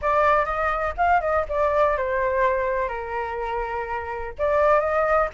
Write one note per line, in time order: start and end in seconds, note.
0.01 0.45 D5
0.45 0.93 D#5
0.97 1.21 F5
1.21 1.45 D#5
1.49 1.97 D5
1.97 2.88 C5
2.88 4.33 A#4
4.38 4.79 D5
4.79 5.28 D#5